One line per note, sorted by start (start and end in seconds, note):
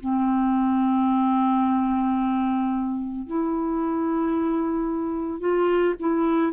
0.00 3.27 C4
3.27 5.40 E4
5.40 5.95 F4
6.00 6.53 E4